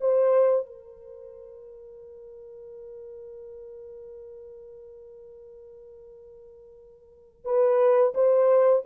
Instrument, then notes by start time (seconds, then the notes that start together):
horn
0.00 C5
0.66 A#4
7.44 B4
8.14 C5